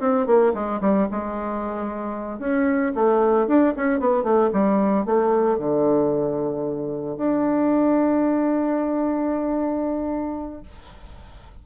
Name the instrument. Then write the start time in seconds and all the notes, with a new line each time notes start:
bassoon
0.00 C4
0.26 A#3
0.54 G#3
0.81 G3
1.11 G#3
2.39 C#4
2.95 A3
3.47 D4
3.76 C#4
4.00 B3
4.23 A3
4.53 G3
5.06 A3
5.58 D3
7.17 D4